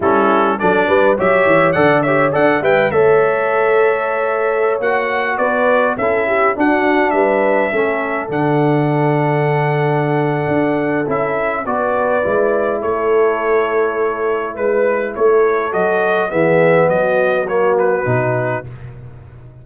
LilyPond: <<
  \new Staff \with { instrumentName = "trumpet" } { \time 4/4 \tempo 4 = 103 a'4 d''4 e''4 fis''8 e''8 | fis''8 g''8 e''2.~ | e''16 fis''4 d''4 e''4 fis''8.~ | fis''16 e''2 fis''4.~ fis''16~ |
fis''2. e''4 | d''2 cis''2~ | cis''4 b'4 cis''4 dis''4 | e''4 dis''4 cis''8 b'4. | }
  \new Staff \with { instrumentName = "horn" } { \time 4/4 e'4 a'8 b'8 cis''4 d''8 cis''8 | d''8 e''8 cis''2.~ | cis''4~ cis''16 b'4 a'8 g'8 fis'8.~ | fis'16 b'4 a'2~ a'8.~ |
a'1 | b'2 a'2~ | a'4 b'4 a'2 | gis'4 fis'2. | }
  \new Staff \with { instrumentName = "trombone" } { \time 4/4 cis'4 d'4 g'4 a'8 g'8 | a'8 b'8 a'2.~ | a'16 fis'2 e'4 d'8.~ | d'4~ d'16 cis'4 d'4.~ d'16~ |
d'2. e'4 | fis'4 e'2.~ | e'2. fis'4 | b2 ais4 dis'4 | }
  \new Staff \with { instrumentName = "tuba" } { \time 4/4 g4 fis8 g8 fis8 e8 d4 | d'8 g8 a2.~ | a16 ais4 b4 cis'4 d'8.~ | d'16 g4 a4 d4.~ d16~ |
d2 d'4 cis'4 | b4 gis4 a2~ | a4 gis4 a4 fis4 | e4 fis2 b,4 | }
>>